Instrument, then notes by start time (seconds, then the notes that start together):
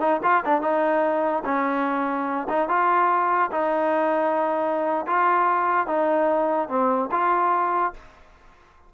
trombone
0.00 D#4
0.23 F4
0.45 D4
0.61 D#4
1.44 C#4
2.49 D#4
2.68 F4
3.51 D#4
5.06 F4
5.87 D#4
6.68 C4
7.11 F4